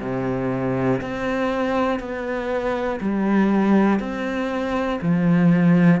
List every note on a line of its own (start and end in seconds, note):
0.00 1.00 C3
1.00 2.00 C4
2.00 3.00 B3
3.00 4.00 G3
4.00 5.00 C4
5.01 6.00 F3